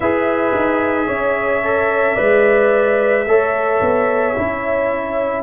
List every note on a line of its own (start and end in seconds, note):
0.00 0.54 E4
0.00 1.63 G#4
0.00 1.06 B4
0.00 5.43 E5
0.55 1.07 D#4
1.06 2.16 C#4
1.06 2.14 C#5
1.63 2.17 A4
2.14 3.26 G#3
2.14 3.26 B4
2.14 3.23 D5
3.26 3.80 A3
3.26 4.35 A4
3.26 5.43 C#5
3.81 4.35 B3
4.35 5.43 C#4
4.35 5.43 E4